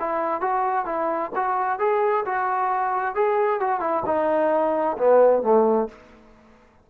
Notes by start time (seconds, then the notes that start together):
0.00 E4
0.41 F#4
0.86 E4
1.36 F#4
1.79 G#4
2.25 F#4
3.15 G#4
3.60 F#4
3.80 E4
4.06 D#4
4.98 B3
5.43 A3